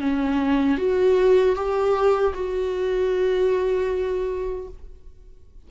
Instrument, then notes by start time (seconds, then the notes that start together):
viola
0.00 C#4
0.78 F#4
1.55 G4
2.34 F#4